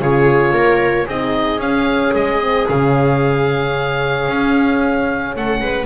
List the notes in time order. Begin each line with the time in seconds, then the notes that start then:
0.00 C#3 F4 G#4 C#5
0.52 A#3 A#4
1.06 C4 D#4 G#4 D#5
1.58 C#4 F5
2.15 G#3 D#5
2.41 C4
2.67 C#3 C#4 F5
4.28 C#4
5.35 A3 A4 F#5
5.61 G#3 B4